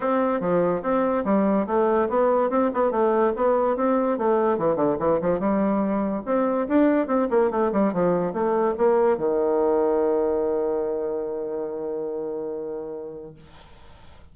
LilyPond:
\new Staff \with { instrumentName = "bassoon" } { \time 4/4 \tempo 4 = 144 c'4 f4 c'4 g4 | a4 b4 c'8 b8 a4 | b4 c'4 a4 e8 d8 | e8 f8 g2 c'4 |
d'4 c'8 ais8 a8 g8 f4 | a4 ais4 dis2~ | dis1~ | dis1 | }